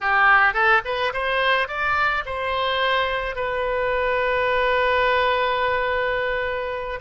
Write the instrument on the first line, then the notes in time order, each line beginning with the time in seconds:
oboe
0.00 G4
0.53 A4
0.84 B4
1.13 C5
1.67 D5
2.25 C5
3.35 B4